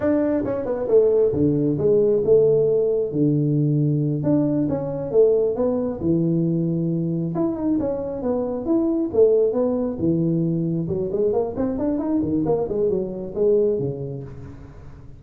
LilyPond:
\new Staff \with { instrumentName = "tuba" } { \time 4/4 \tempo 4 = 135 d'4 cis'8 b8 a4 d4 | gis4 a2 d4~ | d4. d'4 cis'4 a8~ | a8 b4 e2~ e8~ |
e8 e'8 dis'8 cis'4 b4 e'8~ | e'8 a4 b4 e4.~ | e8 fis8 gis8 ais8 c'8 d'8 dis'8 dis8 | ais8 gis8 fis4 gis4 cis4 | }